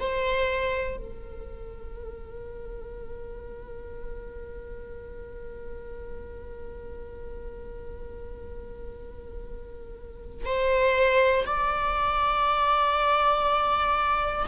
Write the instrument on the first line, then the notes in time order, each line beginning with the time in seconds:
viola
0.00 C5
0.98 A#4
10.45 C5
11.46 D5